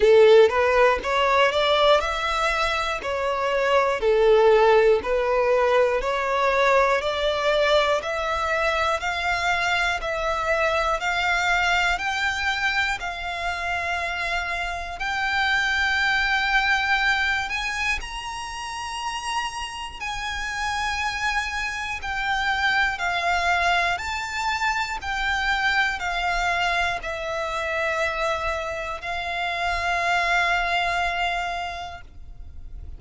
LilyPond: \new Staff \with { instrumentName = "violin" } { \time 4/4 \tempo 4 = 60 a'8 b'8 cis''8 d''8 e''4 cis''4 | a'4 b'4 cis''4 d''4 | e''4 f''4 e''4 f''4 | g''4 f''2 g''4~ |
g''4. gis''8 ais''2 | gis''2 g''4 f''4 | a''4 g''4 f''4 e''4~ | e''4 f''2. | }